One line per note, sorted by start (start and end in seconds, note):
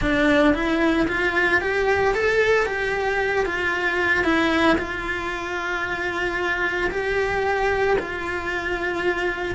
0.01 0.54 D4
0.54 1.07 E4
1.08 1.61 F4
1.61 2.14 G4
2.14 2.66 A4
2.66 3.45 G4
3.45 4.24 F4
4.24 4.77 E4
4.78 6.90 F4
6.91 7.97 G4
7.98 9.55 F4